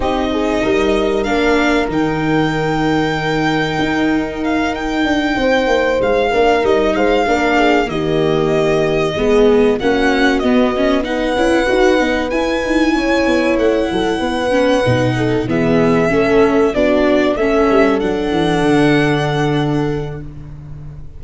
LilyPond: <<
  \new Staff \with { instrumentName = "violin" } { \time 4/4 \tempo 4 = 95 dis''2 f''4 g''4~ | g''2. f''8 g''8~ | g''4. f''4 dis''8 f''4~ | f''8 dis''2. fis''8~ |
fis''8 dis''4 fis''2 gis''8~ | gis''4. fis''2~ fis''8~ | fis''8 e''2 d''4 e''8~ | e''8 fis''2.~ fis''8 | }
  \new Staff \with { instrumentName = "horn" } { \time 4/4 g'8 gis'8 ais'2.~ | ais'1~ | ais'8 c''4. ais'4 c''8 ais'8 | gis'8 g'2 gis'4 fis'8~ |
fis'4. b'2~ b'8~ | b'8 cis''4. a'8 b'4. | a'8 gis'4 a'4 fis'4 a'8~ | a'1 | }
  \new Staff \with { instrumentName = "viola" } { \time 4/4 dis'2 d'4 dis'4~ | dis'1~ | dis'2 d'8 dis'4 d'8~ | d'8 ais2 b4 cis'8~ |
cis'8 b8 cis'8 dis'8 e'8 fis'8 dis'8 e'8~ | e'2. cis'8 dis'8~ | dis'8 b4 cis'4 d'4 cis'8~ | cis'8 d'2.~ d'8 | }
  \new Staff \with { instrumentName = "tuba" } { \time 4/4 c'4 g4 ais4 dis4~ | dis2 dis'2 | d'8 c'8 ais8 gis8 ais8 g8 gis8 ais8~ | ais8 dis2 gis4 ais8~ |
ais8 b4. cis'8 dis'8 b8 e'8 | dis'8 cis'8 b8 a8 fis8 b4 b,8~ | b,8 e4 a4 b4 a8 | g8 fis8 e8 d2~ d8 | }
>>